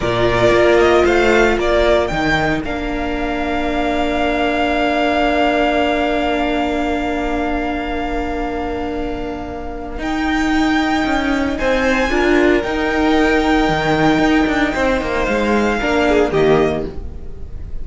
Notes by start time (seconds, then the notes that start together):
0.00 A#2 F4 A#4 D5
0.50 A#3
0.79 D#5
1.04 A3 C5 F5
1.56 A#3 A#4 D5
2.07 D#3 D#4 G5
2.64 A#3 D4 F5
9.97 D#4 G5
11.05 C#4
11.57 C4 C5 G#5
12.09 D4 F4 A#4
12.62 D#4 G5
13.68 D#3
14.18 D#4
14.47 D4
14.73 C4 C5
15.01 A#3
15.24 G#3 F5
15.79 A#3 D4 A#4
16.08 G#4
16.31 D#3 A#3 G4 D#5